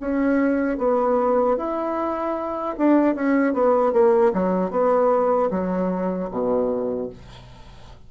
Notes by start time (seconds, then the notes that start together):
0.00 C#4
0.78 B3
1.57 E4
2.78 D4
3.15 C#4
3.53 B3
3.93 A#3
4.33 F#3
4.71 B3
5.51 F#3
6.31 B2